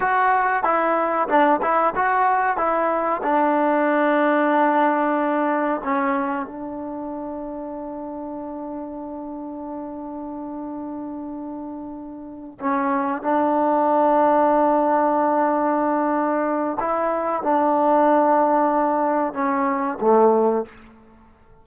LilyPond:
\new Staff \with { instrumentName = "trombone" } { \time 4/4 \tempo 4 = 93 fis'4 e'4 d'8 e'8 fis'4 | e'4 d'2.~ | d'4 cis'4 d'2~ | d'1~ |
d'2.~ d'8 cis'8~ | cis'8 d'2.~ d'8~ | d'2 e'4 d'4~ | d'2 cis'4 a4 | }